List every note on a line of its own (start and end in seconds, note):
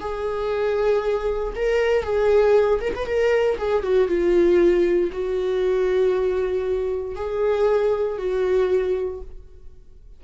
0.00 1.54 G#4
1.56 2.03 A#4
2.03 2.80 G#4
2.81 2.94 A#4
2.95 3.06 B4
3.06 3.57 A#4
3.58 3.83 G#4
3.83 4.08 F#4
4.08 5.10 F4
5.12 7.16 F#4
7.16 8.18 G#4
8.18 9.21 F#4